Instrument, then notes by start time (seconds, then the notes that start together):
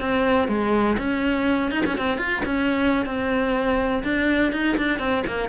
cello
0.00 C4
0.48 G#3
0.98 C#4
1.71 D#4
1.86 C#4
1.97 C4
2.18 F4
2.45 C#4
3.05 C4
4.03 D4
4.52 D#4
4.77 D4
4.99 C4
5.27 A#3